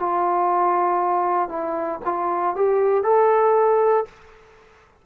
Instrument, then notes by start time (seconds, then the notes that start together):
trombone
0.00 F4
1.49 E4
2.05 F4
2.56 G4
3.04 A4